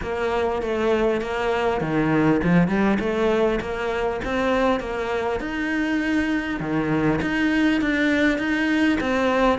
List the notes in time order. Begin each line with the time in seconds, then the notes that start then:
0.02 A#3
0.61 A3
1.21 A#3
1.80 D#3
2.43 F3
2.68 G3
2.99 A3
3.60 A#3
4.24 C4
4.80 A#3
5.40 D#4
6.59 D#3
7.21 D#4
7.81 D4
8.38 D#4
9.00 C4